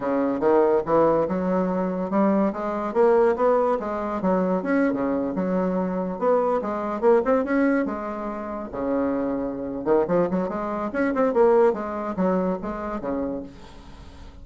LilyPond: \new Staff \with { instrumentName = "bassoon" } { \time 4/4 \tempo 4 = 143 cis4 dis4 e4 fis4~ | fis4 g4 gis4 ais4 | b4 gis4 fis4 cis'8. cis16~ | cis8. fis2 b4 gis16~ |
gis8. ais8 c'8 cis'4 gis4~ gis16~ | gis8. cis2~ cis8. dis8 | f8 fis8 gis4 cis'8 c'8 ais4 | gis4 fis4 gis4 cis4 | }